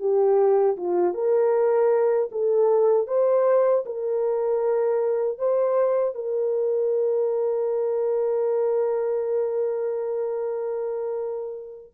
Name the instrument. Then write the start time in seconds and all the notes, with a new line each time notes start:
horn
0.00 G4
0.77 F4
1.15 A#4
2.32 A4
3.08 C5
3.86 A#4
5.39 C5
6.15 A#4